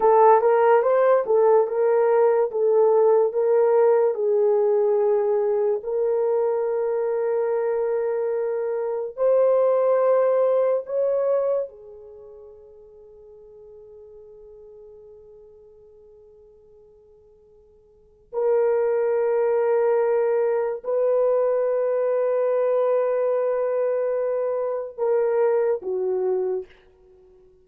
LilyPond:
\new Staff \with { instrumentName = "horn" } { \time 4/4 \tempo 4 = 72 a'8 ais'8 c''8 a'8 ais'4 a'4 | ais'4 gis'2 ais'4~ | ais'2. c''4~ | c''4 cis''4 gis'2~ |
gis'1~ | gis'2 ais'2~ | ais'4 b'2.~ | b'2 ais'4 fis'4 | }